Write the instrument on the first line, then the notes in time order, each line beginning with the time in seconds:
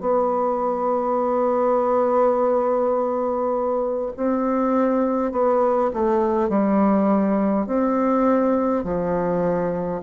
bassoon
0.00 B3
4.17 C4
5.32 B3
5.93 A3
6.49 G3
7.66 C4
8.83 F3